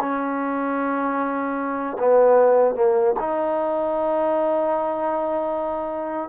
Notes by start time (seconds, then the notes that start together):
0.00 C#4
1.99 B3
2.75 A#3
3.19 D#4